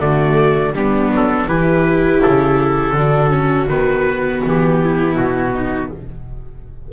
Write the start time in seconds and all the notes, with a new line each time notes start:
0.00 D3 A3 F#4 D5
0.73 G3 B3 D4 G4
1.11 F#3 A4
1.48 E3 E4 G4 B4
2.23 C#3 A4
2.93 D3 D4 F#4
3.30 C#4
3.69 D#3 B3 B4
4.45 E3 G4
4.82 E4
5.17 B2 F#4
5.54 D#4